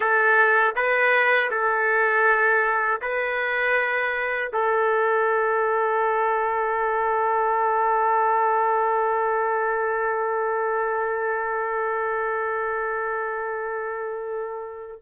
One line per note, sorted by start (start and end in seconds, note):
0.00 0.74 A4
0.75 1.50 B4
1.50 3.00 A4
3.01 4.51 B4
4.52 15.01 A4